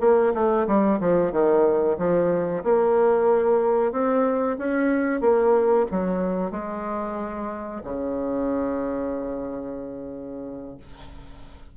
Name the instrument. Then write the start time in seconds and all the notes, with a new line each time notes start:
bassoon
0.00 A#3
0.33 A3
0.67 G3
1.00 F3
1.32 D#3
1.98 F3
2.63 A#3
3.92 C4
4.58 C#4
5.21 A#3
5.91 F#3
6.51 G#3
7.83 C#3